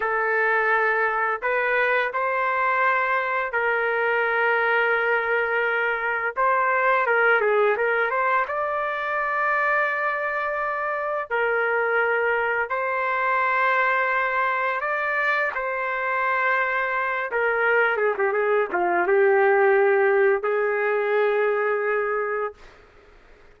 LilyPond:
\new Staff \with { instrumentName = "trumpet" } { \time 4/4 \tempo 4 = 85 a'2 b'4 c''4~ | c''4 ais'2.~ | ais'4 c''4 ais'8 gis'8 ais'8 c''8 | d''1 |
ais'2 c''2~ | c''4 d''4 c''2~ | c''8 ais'4 gis'16 g'16 gis'8 f'8 g'4~ | g'4 gis'2. | }